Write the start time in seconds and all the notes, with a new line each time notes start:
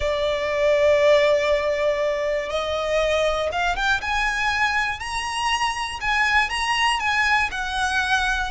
0.00 D5
2.49 D#5
3.52 F5
3.75 G5
4.01 G#5
4.99 A#5
6.00 G#5
6.49 A#5
6.99 G#5
7.51 F#5